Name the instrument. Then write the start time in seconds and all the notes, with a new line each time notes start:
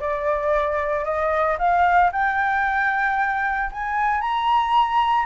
flute
0.00 D5
1.05 D#5
1.58 F5
2.12 G5
3.72 G#5
4.21 A#5